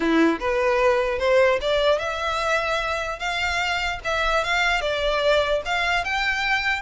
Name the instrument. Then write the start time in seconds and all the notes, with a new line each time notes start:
violin
0.00 E4
0.39 B4
1.18 C5
1.61 D5
1.98 E5
3.19 F5
4.04 E5
4.44 F5
4.81 D5
5.65 F5
6.04 G5